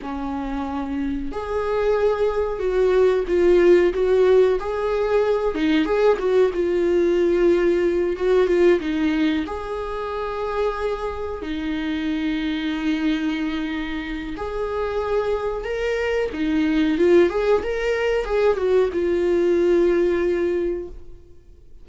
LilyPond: \new Staff \with { instrumentName = "viola" } { \time 4/4 \tempo 4 = 92 cis'2 gis'2 | fis'4 f'4 fis'4 gis'4~ | gis'8 dis'8 gis'8 fis'8 f'2~ | f'8 fis'8 f'8 dis'4 gis'4.~ |
gis'4. dis'2~ dis'8~ | dis'2 gis'2 | ais'4 dis'4 f'8 gis'8 ais'4 | gis'8 fis'8 f'2. | }